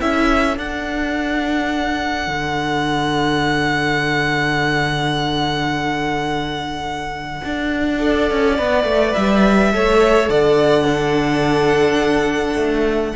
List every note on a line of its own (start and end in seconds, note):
0.00 0.58 C#4
0.00 0.57 E4
0.00 8.00 A4
0.00 0.58 E5
0.57 7.99 D4
0.57 2.27 D4
0.57 9.14 F#5
2.27 7.42 D3
7.45 8.31 D4
7.99 8.56 A4
7.99 9.73 D5
8.31 8.59 C#4
8.57 8.85 B3
8.57 9.72 B4
8.85 9.13 A3
9.14 9.74 G3
9.14 10.28 E5
9.74 10.29 A3
9.74 10.85 A4
9.74 10.31 C#5
10.29 12.56 D3
10.29 10.84 D5
10.29 13.16 F#5
10.84 13.14 D4
10.84 13.13 A4
12.56 13.13 A3